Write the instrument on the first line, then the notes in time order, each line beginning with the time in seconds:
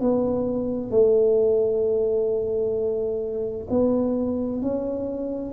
tuba
0.00 B3
0.90 A3
3.70 B3
4.62 C#4